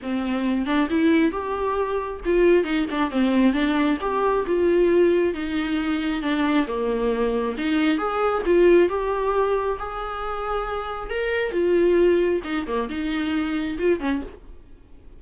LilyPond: \new Staff \with { instrumentName = "viola" } { \time 4/4 \tempo 4 = 135 c'4. d'8 e'4 g'4~ | g'4 f'4 dis'8 d'8 c'4 | d'4 g'4 f'2 | dis'2 d'4 ais4~ |
ais4 dis'4 gis'4 f'4 | g'2 gis'2~ | gis'4 ais'4 f'2 | dis'8 ais8 dis'2 f'8 cis'8 | }